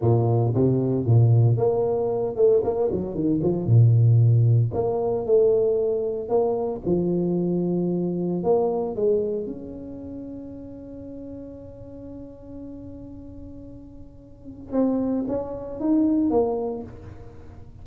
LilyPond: \new Staff \with { instrumentName = "tuba" } { \time 4/4 \tempo 4 = 114 ais,4 c4 ais,4 ais4~ | ais8 a8 ais8 fis8 dis8 f8 ais,4~ | ais,4 ais4 a2 | ais4 f2. |
ais4 gis4 cis'2~ | cis'1~ | cis'1 | c'4 cis'4 dis'4 ais4 | }